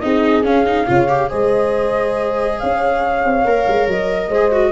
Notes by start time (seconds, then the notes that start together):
0.00 C4 D#4 G#4 D#5
0.44 C#4 F5
0.67 D#4
0.87 C#3 F4 C#5
1.09 G4
1.30 G#3 G#4 C5 D#5
2.60 C#4 C#5 F5
3.25 C4
3.45 A#3 A#4
3.68 G#3
3.88 F#3 D#5
4.29 G#3 G#4 C5
4.52 F#4